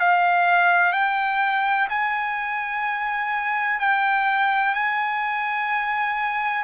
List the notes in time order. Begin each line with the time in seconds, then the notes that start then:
0.00 F5
0.93 G5
1.89 G#5
3.80 G5
4.74 G#5